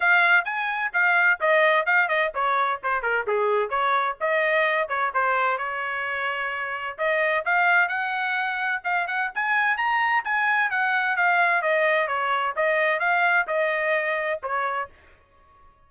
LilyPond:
\new Staff \with { instrumentName = "trumpet" } { \time 4/4 \tempo 4 = 129 f''4 gis''4 f''4 dis''4 | f''8 dis''8 cis''4 c''8 ais'8 gis'4 | cis''4 dis''4. cis''8 c''4 | cis''2. dis''4 |
f''4 fis''2 f''8 fis''8 | gis''4 ais''4 gis''4 fis''4 | f''4 dis''4 cis''4 dis''4 | f''4 dis''2 cis''4 | }